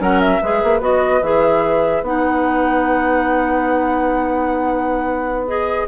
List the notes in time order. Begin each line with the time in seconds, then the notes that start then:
0.00 F#3 C#4 A#4 F#5
0.21 E5
0.43 G#3 G#4 B4
0.64 A#3
0.81 B3 F#4 D#5
1.22 E3 G#4 E5
2.02 B3 D#4 F#5
5.48 G#4 D#5